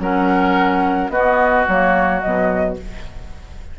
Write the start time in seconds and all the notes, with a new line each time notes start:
0.00 F#3 C#4 A#4 F#5
1.10 B3 F#4 D#5
1.68 F#3 A#3 C#5
2.21 B2 F#3 D#5